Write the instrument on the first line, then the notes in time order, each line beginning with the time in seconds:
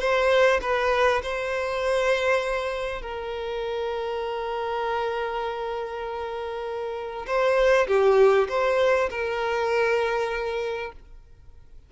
violin
0.00 C5
0.61 B4
1.23 C5
3.02 A#4
7.27 C5
7.87 G4
8.49 C5
9.10 A#4